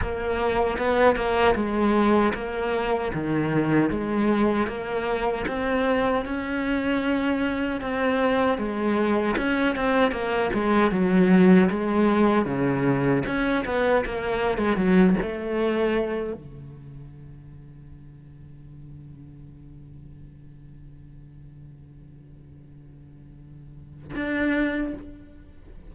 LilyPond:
\new Staff \with { instrumentName = "cello" } { \time 4/4 \tempo 4 = 77 ais4 b8 ais8 gis4 ais4 | dis4 gis4 ais4 c'4 | cis'2 c'4 gis4 | cis'8 c'8 ais8 gis8 fis4 gis4 |
cis4 cis'8 b8 ais8. gis16 fis8 a8~ | a4 d2.~ | d1~ | d2. d'4 | }